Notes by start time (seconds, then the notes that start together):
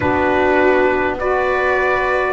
0.00 B3 D4 F#4 B4
1.19 F#4 B4 D5